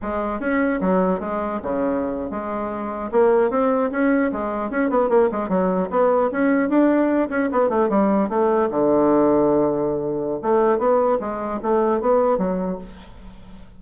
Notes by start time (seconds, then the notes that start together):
0.01 G#3
0.40 C#4
0.80 F#3
1.20 G#3
1.63 C#3
2.30 G#3
3.11 A#3
3.50 C4
3.91 C#4
4.32 G#3
4.70 C#4
4.89 B3
5.09 A#3
5.31 G#3
5.49 F#3
5.90 B3
6.31 C#4
6.69 D4
7.29 C#4
7.52 B3
7.69 A3
7.89 G3
8.29 A3
8.70 D3
10.41 A3
10.78 B3
11.20 G#3
11.62 A3
12.01 B3
12.38 F#3